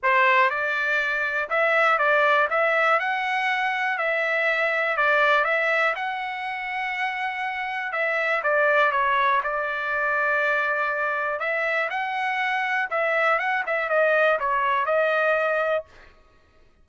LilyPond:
\new Staff \with { instrumentName = "trumpet" } { \time 4/4 \tempo 4 = 121 c''4 d''2 e''4 | d''4 e''4 fis''2 | e''2 d''4 e''4 | fis''1 |
e''4 d''4 cis''4 d''4~ | d''2. e''4 | fis''2 e''4 fis''8 e''8 | dis''4 cis''4 dis''2 | }